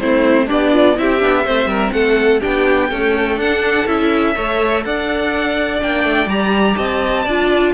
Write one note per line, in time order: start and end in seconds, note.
0.00 0.50 A3
0.00 0.48 C4
0.00 0.47 E4
0.00 0.48 C5
0.47 0.99 B3
0.47 0.95 D4
0.47 0.73 G4
0.47 0.99 D5
0.73 0.96 F4
0.96 1.23 C4
0.96 1.20 E4
0.96 1.45 G4
0.96 1.92 E5
1.20 1.47 B3
1.20 1.44 D4
1.45 1.66 A3
1.45 2.41 C4
1.45 1.69 C5
1.66 1.90 G3
1.66 1.93 A#4
1.92 2.41 A3
1.92 2.41 A4
1.92 2.41 F#5
2.41 2.92 B3
2.41 2.90 D4
2.41 2.89 G4
2.41 3.40 G5
2.90 3.42 A3
2.90 3.37 C#4
2.90 4.35 A4
3.37 3.85 D4
3.37 3.87 D4
3.37 3.88 F#5
3.87 4.35 C#4
3.87 4.36 E4
3.87 4.84 E5
4.36 4.86 A3
4.36 5.80 A4
4.36 4.84 C#5
4.85 5.82 D4
4.85 6.77 D5
4.85 5.82 F#5
5.80 6.05 A#3
5.80 6.28 D4
5.80 6.30 G5
6.05 6.27 A3
6.27 6.75 G3
6.27 7.24 G4
6.27 6.77 A#5
6.77 7.27 C4
6.77 7.25 D#5
6.77 7.74 A5
7.25 7.75 D4
7.25 7.75 F4
7.25 7.73 D5